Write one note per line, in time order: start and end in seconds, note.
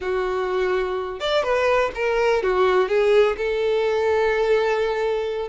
0.00 1.20 F#4
1.20 1.43 D5
1.43 1.91 B4
1.94 2.42 A#4
2.43 2.88 F#4
2.88 3.36 G#4
3.37 5.48 A4